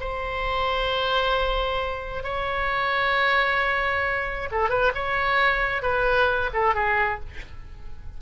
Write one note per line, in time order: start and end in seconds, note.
0.00 2.24 C5
2.24 4.49 C#5
4.52 4.70 A4
4.70 4.92 B4
4.94 5.82 C#5
5.82 6.50 B4
6.53 6.75 A4
6.75 7.20 G#4